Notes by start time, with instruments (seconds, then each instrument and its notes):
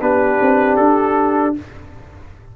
0.00 tuba B3, trombone D4, horn G4, trumpet B4
0.41 tuba C4
0.76 tuba D4, trumpet A4